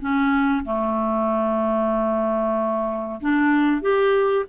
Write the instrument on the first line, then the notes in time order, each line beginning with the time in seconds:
clarinet
0.00 C#4
0.64 A3
3.20 D4
3.81 G4